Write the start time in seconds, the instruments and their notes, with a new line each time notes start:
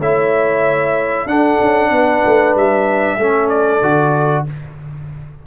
0.00 tuba A3, trombone E4, horn C#5, trumpet E5
1.26 tuba D4, trombone D4, horn A4, trumpet F#5
1.61 tuba C#4
1.91 tuba B3, horn B4
2.26 tuba A3
2.56 tuba G3, trumpet E5
3.18 tuba A3, trombone C#4, horn A4
3.49 trumpet D5
3.83 tuba D3, trombone F#4